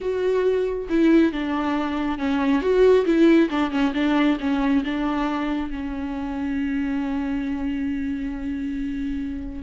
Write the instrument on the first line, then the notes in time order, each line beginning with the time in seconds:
viola
0.00 F#4
0.89 E4
1.32 D4
2.18 C#4
2.61 F#4
3.05 E4
3.50 D4
3.70 C#4
3.94 D4
4.40 C#4
4.84 D4
5.70 C#4